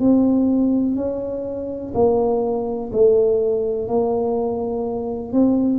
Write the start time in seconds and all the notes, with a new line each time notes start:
0.00 C4
0.96 C#4
1.94 A#3
2.93 A3
3.88 A#3
5.33 C4